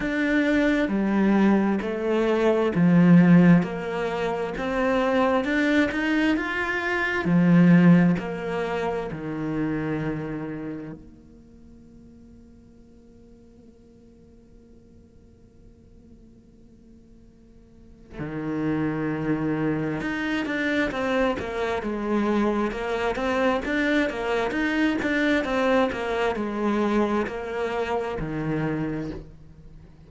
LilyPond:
\new Staff \with { instrumentName = "cello" } { \time 4/4 \tempo 4 = 66 d'4 g4 a4 f4 | ais4 c'4 d'8 dis'8 f'4 | f4 ais4 dis2 | ais1~ |
ais1 | dis2 dis'8 d'8 c'8 ais8 | gis4 ais8 c'8 d'8 ais8 dis'8 d'8 | c'8 ais8 gis4 ais4 dis4 | }